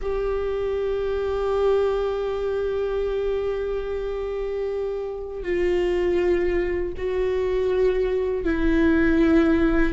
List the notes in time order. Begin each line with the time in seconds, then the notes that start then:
0.01 G4
5.42 F4
6.97 F#4
8.44 E4